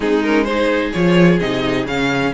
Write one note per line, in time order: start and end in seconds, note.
0.00 0.91 G#3
0.00 0.23 C4
0.00 0.47 D#4
0.00 0.23 G#4
0.23 0.47 C#4
0.23 0.43 A#4
0.43 0.93 D#4
0.43 2.33 G#4
0.43 0.90 C5
0.92 1.40 F3
0.92 1.40 F4
0.92 1.39 C#5
1.39 1.85 C3
1.39 1.87 D#4
1.39 1.86 D#5
1.85 2.32 C#3
1.85 2.33 C#4
1.85 2.33 F5